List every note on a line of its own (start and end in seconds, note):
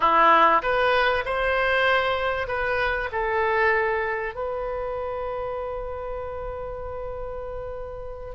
0.00 0.62 E4
0.62 1.24 B4
1.25 2.47 C5
2.47 3.09 B4
3.12 4.35 A4
4.35 8.35 B4